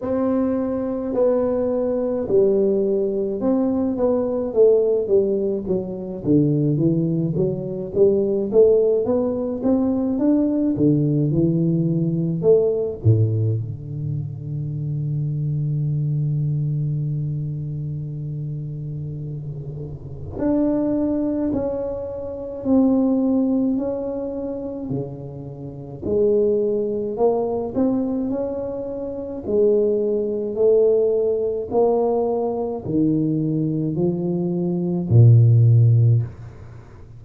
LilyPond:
\new Staff \with { instrumentName = "tuba" } { \time 4/4 \tempo 4 = 53 c'4 b4 g4 c'8 b8 | a8 g8 fis8 d8 e8 fis8 g8 a8 | b8 c'8 d'8 d8 e4 a8 a,8 | d1~ |
d2 d'4 cis'4 | c'4 cis'4 cis4 gis4 | ais8 c'8 cis'4 gis4 a4 | ais4 dis4 f4 ais,4 | }